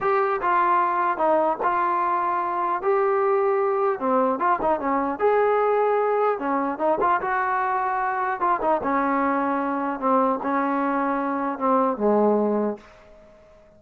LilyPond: \new Staff \with { instrumentName = "trombone" } { \time 4/4 \tempo 4 = 150 g'4 f'2 dis'4 | f'2. g'4~ | g'2 c'4 f'8 dis'8 | cis'4 gis'2. |
cis'4 dis'8 f'8 fis'2~ | fis'4 f'8 dis'8 cis'2~ | cis'4 c'4 cis'2~ | cis'4 c'4 gis2 | }